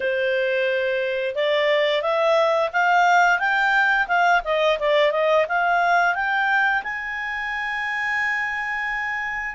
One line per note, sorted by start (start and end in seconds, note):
0.00 1.35 C5
1.35 2.01 D5
2.01 2.70 E5
2.72 3.39 F5
3.39 4.07 G5
4.07 4.41 F5
4.44 4.78 D#5
4.79 5.11 D5
5.11 5.45 D#5
5.48 6.14 F5
6.14 6.82 G5
6.83 9.55 G#5